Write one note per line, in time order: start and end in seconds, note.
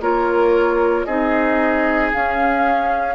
0.00 1.05 A#3
0.00 1.07 F4
0.00 1.06 A#4
0.00 1.04 C#5
1.04 2.12 C4
1.04 2.12 D#4
1.04 3.15 G#4
1.04 2.10 D#5
2.12 3.15 C#4
2.12 3.15 F5